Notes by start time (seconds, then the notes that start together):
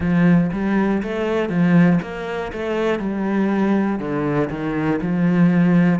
0.00 F3
0.52 G3
1.03 A3
1.49 F3
2.01 A#3
2.52 A3
2.99 G3
3.99 D3
4.50 D#3
5.01 F3